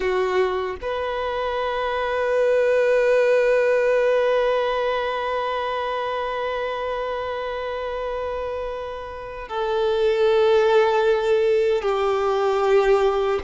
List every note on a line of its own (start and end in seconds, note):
0.00 0.76 F#4
0.81 9.48 B4
9.48 11.81 A4
11.81 13.39 G4